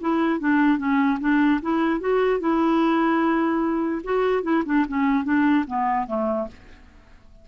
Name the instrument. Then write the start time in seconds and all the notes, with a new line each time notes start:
clarinet
0.00 E4
0.39 D4
0.78 C#4
1.20 D4
1.61 E4
2.00 F#4
2.39 E4
4.03 F#4
4.43 E4
4.65 D4
4.88 C#4
5.24 D4
5.66 B3
6.06 A3